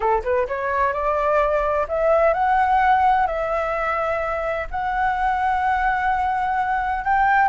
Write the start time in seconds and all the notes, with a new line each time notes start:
0.00 A4
0.23 B4
0.47 C#5
0.93 D5
1.88 E5
2.33 F#5
3.26 E5
4.70 F#5
7.04 G5